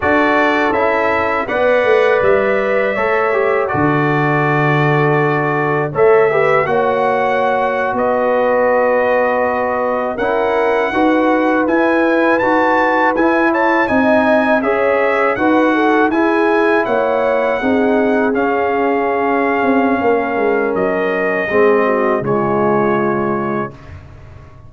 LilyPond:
<<
  \new Staff \with { instrumentName = "trumpet" } { \time 4/4 \tempo 4 = 81 d''4 e''4 fis''4 e''4~ | e''4 d''2. | e''4 fis''4.~ fis''16 dis''4~ dis''16~ | dis''4.~ dis''16 fis''2 gis''16~ |
gis''8. a''4 gis''8 a''8 gis''4 e''16~ | e''8. fis''4 gis''4 fis''4~ fis''16~ | fis''8. f''2.~ f''16 | dis''2 cis''2 | }
  \new Staff \with { instrumentName = "horn" } { \time 4/4 a'2 d''2 | cis''4 a'2. | cis''8 b'8 cis''4.~ cis''16 b'4~ b'16~ | b'4.~ b'16 ais'4 b'4~ b'16~ |
b'2~ b'16 cis''8 dis''4 cis''16~ | cis''8. b'8 a'8 gis'4 cis''4 gis'16~ | gis'2. ais'4~ | ais'4 gis'8 fis'8 f'2 | }
  \new Staff \with { instrumentName = "trombone" } { \time 4/4 fis'4 e'4 b'2 | a'8 g'8 fis'2. | a'8 g'8 fis'2.~ | fis'4.~ fis'16 e'4 fis'4 e'16~ |
e'8. fis'4 e'4 dis'4 gis'16~ | gis'8. fis'4 e'2 dis'16~ | dis'8. cis'2.~ cis'16~ | cis'4 c'4 gis2 | }
  \new Staff \with { instrumentName = "tuba" } { \time 4/4 d'4 cis'4 b8 a8 g4 | a4 d2. | a4 ais4.~ ais16 b4~ b16~ | b4.~ b16 cis'4 dis'4 e'16~ |
e'8. dis'4 e'4 c'4 cis'16~ | cis'8. dis'4 e'4 ais4 c'16~ | c'8. cis'4.~ cis'16 c'8 ais8 gis8 | fis4 gis4 cis2 | }
>>